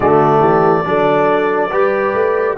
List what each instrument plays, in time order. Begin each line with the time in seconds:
0.00 tuba D3, trombone A3, horn F#4, trumpet D5
0.39 tuba E3, horn G4
0.84 tuba F#3, trombone D4, horn A4
1.71 tuba G3, trombone G4, horn B4
2.13 tuba A3